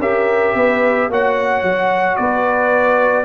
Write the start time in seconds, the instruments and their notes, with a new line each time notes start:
0.00 tuba C#4, trombone G4, horn A#4, trumpet E5
0.55 tuba B3, horn B4
1.09 tuba A#3, trombone F#4, horn C#5, trumpet F#5
1.63 tuba F#3
2.16 tuba B3, horn B4, trumpet D5